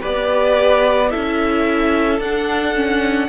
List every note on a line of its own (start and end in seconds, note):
0.00 1.14 B3
0.00 1.09 G4
0.00 1.09 B4
0.00 1.10 D5
1.10 2.19 C#4
1.10 2.20 E4
1.10 3.28 A4
1.10 2.19 E5
2.19 3.28 D4
2.19 2.75 D4
2.19 3.28 F#5
2.75 3.28 C#4